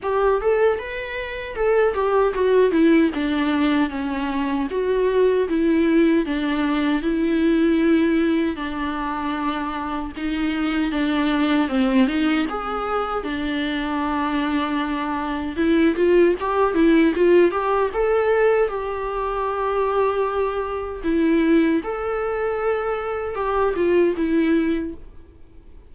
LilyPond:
\new Staff \with { instrumentName = "viola" } { \time 4/4 \tempo 4 = 77 g'8 a'8 b'4 a'8 g'8 fis'8 e'8 | d'4 cis'4 fis'4 e'4 | d'4 e'2 d'4~ | d'4 dis'4 d'4 c'8 dis'8 |
gis'4 d'2. | e'8 f'8 g'8 e'8 f'8 g'8 a'4 | g'2. e'4 | a'2 g'8 f'8 e'4 | }